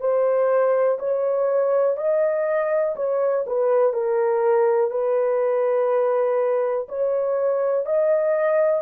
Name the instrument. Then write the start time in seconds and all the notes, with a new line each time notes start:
horn
0.00 C5
0.99 C#5
1.97 D#5
2.96 C#5
3.47 B4
3.93 A#4
4.91 B4
6.89 C#5
7.86 D#5